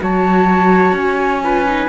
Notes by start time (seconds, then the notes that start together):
0.00 F#3 F#4 C#5 A5
0.93 C#4 G#5
1.44 F4 B4
1.66 D#4